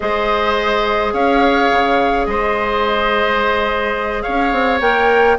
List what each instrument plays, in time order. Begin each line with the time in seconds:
0.00 bassoon G#3, clarinet G#4, oboe C5, flute D#5
1.12 bassoon C#4, oboe C#5, flute F5
1.71 bassoon C#3
2.25 bassoon G#3, oboe C5, flute D#5
4.22 bassoon C#4, oboe C#5, flute F5
4.52 bassoon C4
4.80 bassoon A#3, clarinet A#4, flute G5